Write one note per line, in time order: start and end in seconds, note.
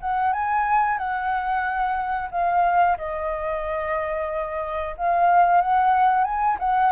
0.00 0.32 F#5
0.32 0.97 G#5
0.97 2.29 F#5
2.31 2.97 F5
2.97 4.95 D#5
4.97 5.61 F5
5.61 6.24 F#5
6.24 6.57 G#5
6.59 6.92 F#5